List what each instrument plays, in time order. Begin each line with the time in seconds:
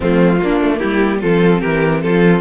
0.00 cello F3, viola A3, violin C4 F4
0.41 viola A#3, cello A#3, violin D4
0.60 cello A3
0.78 cello G3, violin E4 G4
1.20 cello F3, viola C4, violin F4 A4
1.60 cello E3, violin G4 A#4
2.02 cello F3, violin F4 A4